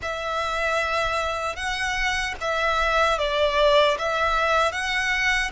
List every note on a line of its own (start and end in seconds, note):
0.01 1.55 E5
1.55 2.34 F#5
2.40 3.18 E5
3.18 3.97 D5
3.98 4.72 E5
4.72 5.50 F#5